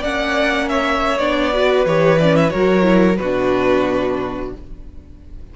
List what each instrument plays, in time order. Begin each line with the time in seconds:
0.00 cello A#3, viola C#4, violin D5 F#5
0.69 violin C#5 E5
1.18 cello B3, viola D4, violin D5
1.53 viola F#4, violin B4
1.86 cello E3, viola G4, violin C#5
2.19 viola C#4, violin D5
2.36 violin E5
2.50 cello F#3, viola F#4, violin A#4 C#5
2.82 viola E4
3.17 cello B2, violin F#4 B4
3.23 viola D4